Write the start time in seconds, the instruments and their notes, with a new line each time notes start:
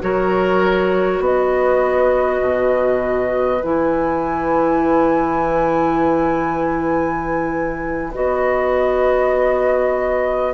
0.00 bassoon F#3, clarinet F#4, oboe A#4, flute C#5
1.20 bassoon B3, oboe B4, flute D#5
2.41 bassoon B2
3.63 bassoon E3, clarinet E4, flute G#5
8.14 bassoon B3, clarinet F#4, flute D#5